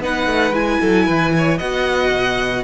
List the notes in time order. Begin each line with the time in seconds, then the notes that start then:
0.00 B3 D#4 B4 F#5
0.27 A3
0.51 G#3 E4 G#5
0.81 F#3 A4
1.06 E3 B4
1.38 C#5
1.58 B3 F#4 D#5 F#5
2.11 B2